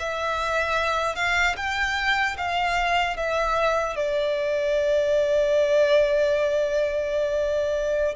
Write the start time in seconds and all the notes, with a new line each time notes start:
0.00 E5
1.16 F5
1.57 G5
2.38 F5
3.17 E5
3.97 D5